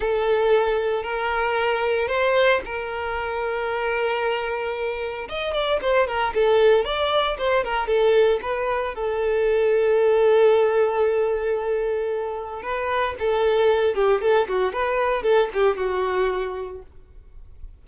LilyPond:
\new Staff \with { instrumentName = "violin" } { \time 4/4 \tempo 4 = 114 a'2 ais'2 | c''4 ais'2.~ | ais'2 dis''8 d''8 c''8 ais'8 | a'4 d''4 c''8 ais'8 a'4 |
b'4 a'2.~ | a'1 | b'4 a'4. g'8 a'8 fis'8 | b'4 a'8 g'8 fis'2 | }